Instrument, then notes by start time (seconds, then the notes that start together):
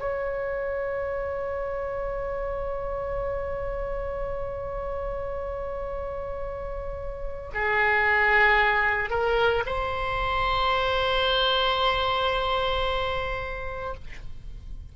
oboe
0.00 C#5
7.54 G#4
9.10 A#4
9.66 C5